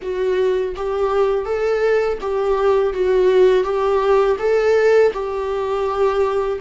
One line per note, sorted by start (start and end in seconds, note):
0.02 0.75 F#4
0.76 1.45 G4
1.45 2.18 A4
2.21 2.93 G4
2.93 3.63 F#4
3.63 4.36 G4
4.39 5.12 A4
5.13 6.59 G4